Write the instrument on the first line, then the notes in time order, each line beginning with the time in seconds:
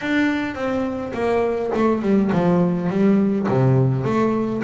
double bass
0.01 D4
0.55 C4
1.13 A#3
1.74 A3
2.01 G3
2.32 F3
2.89 G3
3.48 C3
4.04 A3